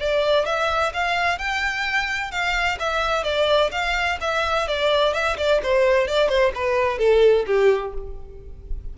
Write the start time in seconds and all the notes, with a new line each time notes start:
0.00 D5
0.46 E5
0.94 F5
1.38 G5
2.31 F5
2.79 E5
3.24 D5
3.72 F5
4.21 E5
4.68 D5
5.13 E5
5.38 D5
5.63 C5
6.08 D5
6.29 C5
6.55 B4
6.99 A4
7.47 G4